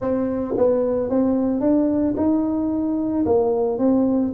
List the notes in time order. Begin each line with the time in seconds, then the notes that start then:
0.01 C4
0.57 B3
1.09 C4
1.60 D4
2.16 D#4
3.25 A#3
3.78 C4